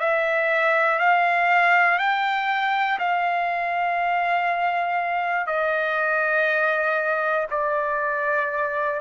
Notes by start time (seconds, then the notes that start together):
0.00 E5
0.99 F5
1.99 G5
2.99 F5
5.47 D#5
7.50 D5